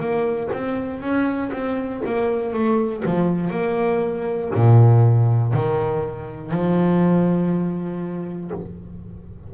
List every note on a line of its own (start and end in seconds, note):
0.00 0.50 A#3
0.53 1.01 C4
1.01 1.51 C#4
1.53 2.03 C4
2.06 2.53 A#3
2.53 3.03 A3
3.05 3.51 F3
3.51 4.51 A#3
4.55 5.54 A#2
5.54 6.52 D#3
6.52 8.52 F3